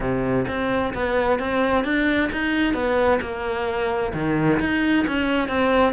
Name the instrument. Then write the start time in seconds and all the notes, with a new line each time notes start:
cello
0.00 C3
0.47 C4
0.93 B3
1.39 C4
1.84 D4
2.32 D#4
2.74 B3
3.21 A#3
4.13 D#3
4.60 D#4
5.07 C#4
5.48 C4